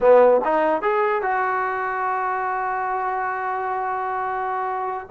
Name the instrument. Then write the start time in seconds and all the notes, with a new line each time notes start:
trombone
0.00 B3
0.44 D#4
0.81 G#4
1.22 F#4